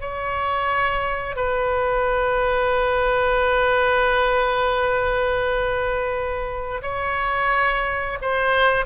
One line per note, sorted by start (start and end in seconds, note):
0.00 1.36 C#5
1.36 6.81 B4
6.82 8.18 C#5
8.21 8.85 C5